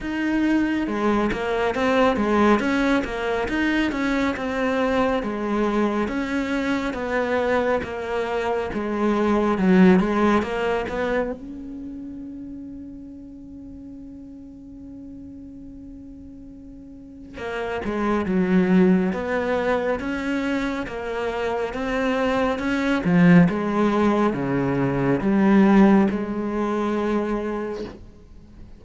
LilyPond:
\new Staff \with { instrumentName = "cello" } { \time 4/4 \tempo 4 = 69 dis'4 gis8 ais8 c'8 gis8 cis'8 ais8 | dis'8 cis'8 c'4 gis4 cis'4 | b4 ais4 gis4 fis8 gis8 | ais8 b8 cis'2.~ |
cis'1 | ais8 gis8 fis4 b4 cis'4 | ais4 c'4 cis'8 f8 gis4 | cis4 g4 gis2 | }